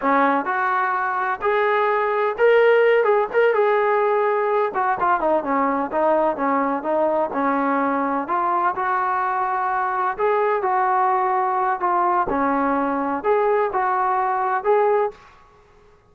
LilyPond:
\new Staff \with { instrumentName = "trombone" } { \time 4/4 \tempo 4 = 127 cis'4 fis'2 gis'4~ | gis'4 ais'4. gis'8 ais'8 gis'8~ | gis'2 fis'8 f'8 dis'8 cis'8~ | cis'8 dis'4 cis'4 dis'4 cis'8~ |
cis'4. f'4 fis'4.~ | fis'4. gis'4 fis'4.~ | fis'4 f'4 cis'2 | gis'4 fis'2 gis'4 | }